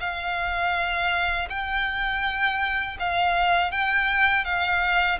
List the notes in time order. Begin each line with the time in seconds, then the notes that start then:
0.00 F5
1.49 G5
2.99 F5
3.71 G5
4.44 F5